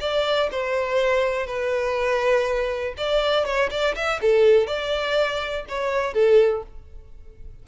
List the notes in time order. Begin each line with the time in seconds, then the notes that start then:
0.00 D5
0.51 C5
1.47 B4
2.97 D5
3.45 C#5
3.70 D5
3.95 E5
4.21 A4
4.67 D5
5.68 C#5
6.14 A4